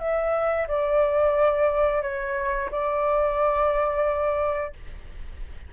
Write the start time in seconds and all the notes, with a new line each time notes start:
0.00 E5
0.68 D5
2.02 C#5
2.72 D5